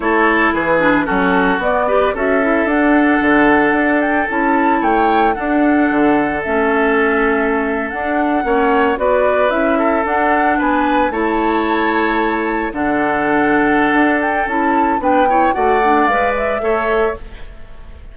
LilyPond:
<<
  \new Staff \with { instrumentName = "flute" } { \time 4/4 \tempo 4 = 112 cis''4 b'4 a'4 d''4 | e''4 fis''2~ fis''8 g''8 | a''4 g''4 fis''2 | e''2~ e''8. fis''4~ fis''16~ |
fis''8. d''4 e''4 fis''4 gis''16~ | gis''8. a''2. fis''16~ | fis''2~ fis''8 g''8 a''4 | g''4 fis''4 f''8 e''4. | }
  \new Staff \with { instrumentName = "oboe" } { \time 4/4 a'4 gis'4 fis'4. b'8 | a'1~ | a'4 cis''4 a'2~ | a'2.~ a'8. cis''16~ |
cis''8. b'4. a'4. b'16~ | b'8. cis''2. a'16~ | a'1 | b'8 cis''8 d''2 cis''4 | }
  \new Staff \with { instrumentName = "clarinet" } { \time 4/4 e'4. d'8 cis'4 b8 g'8 | fis'8 e'8 d'2. | e'2 d'2 | cis'2~ cis'8. d'4 cis'16~ |
cis'8. fis'4 e'4 d'4~ d'16~ | d'8. e'2. d'16~ | d'2. e'4 | d'8 e'8 fis'8 d'8 b'4 a'4 | }
  \new Staff \with { instrumentName = "bassoon" } { \time 4/4 a4 e4 fis4 b4 | cis'4 d'4 d4 d'4 | cis'4 a4 d'4 d4 | a2~ a8. d'4 ais16~ |
ais8. b4 cis'4 d'4 b16~ | b8. a2. d16~ | d2 d'4 cis'4 | b4 a4 gis4 a4 | }
>>